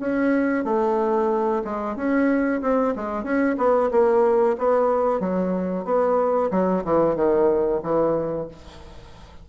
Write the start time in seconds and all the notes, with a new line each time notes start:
0.00 C#4
0.65 A3
1.65 G#3
1.96 C#4
2.62 C4
2.96 G#3
3.24 C#4
3.58 B3
3.92 A#3
4.58 B3
5.21 F#3
5.85 B3
6.51 F#3
6.85 E3
7.16 D#3
7.83 E3